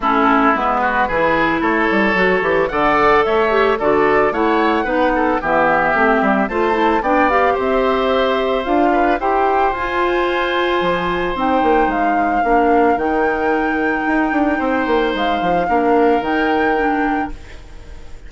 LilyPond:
<<
  \new Staff \with { instrumentName = "flute" } { \time 4/4 \tempo 4 = 111 a'4 b'2 cis''4~ | cis''4 fis''4 e''4 d''4 | fis''2 e''2 | a''4 g''8 f''8 e''2 |
f''4 g''4 gis''2~ | gis''4 g''4 f''2 | g''1 | f''2 g''2 | }
  \new Staff \with { instrumentName = "oboe" } { \time 4/4 e'4. fis'8 gis'4 a'4~ | a'4 d''4 cis''4 a'4 | cis''4 b'8 a'8 g'2 | c''4 d''4 c''2~ |
c''8 b'8 c''2.~ | c''2. ais'4~ | ais'2. c''4~ | c''4 ais'2. | }
  \new Staff \with { instrumentName = "clarinet" } { \time 4/4 cis'4 b4 e'2 | fis'8 g'8 a'4. g'8 fis'4 | e'4 dis'4 b4 c'4 | f'8 e'8 d'8 g'2~ g'8 |
f'4 g'4 f'2~ | f'4 dis'2 d'4 | dis'1~ | dis'4 d'4 dis'4 d'4 | }
  \new Staff \with { instrumentName = "bassoon" } { \time 4/4 a4 gis4 e4 a8 g8 | fis8 e8 d4 a4 d4 | a4 b4 e4 a8 g8 | a4 b4 c'2 |
d'4 e'4 f'2 | f4 c'8 ais8 gis4 ais4 | dis2 dis'8 d'8 c'8 ais8 | gis8 f8 ais4 dis2 | }
>>